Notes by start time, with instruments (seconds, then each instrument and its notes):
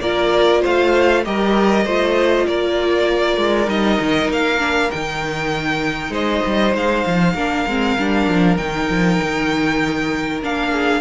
0.00 cello A#3, viola F4, violin A#4 D5
0.62 cello A3, violin C5 F5
1.24 cello G3, viola G4, violin A#4 D#5
1.85 cello A3, viola F4, violin C5
2.47 cello A#3, violin A#4 D5
3.37 cello G#3
3.66 cello G3, viola D#4, violin D#5
4.00 cello D#3
4.28 cello A#3, violin F5
4.59 viola D4
4.90 cello D#3, viola D#4, violin G5
6.09 cello G#3, violin C5 D#5
6.46 cello G3
6.74 cello G#3, violin F5
7.06 cello F3
7.34 cello A#3, viola D4, violin A#4
7.66 cello G#3, viola C4
7.97 cello G3, viola D4
8.28 cello F3
8.57 cello D#3, viola D#4, violin G5
8.89 cello F3
9.22 cello D#3
10.42 cello A#3, viola D4, violin F5
10.70 violin G#4